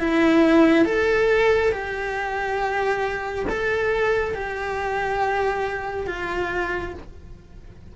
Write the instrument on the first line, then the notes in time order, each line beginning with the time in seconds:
cello
0.00 E4
0.85 A4
1.72 G4
3.49 A4
4.34 G4
6.07 F4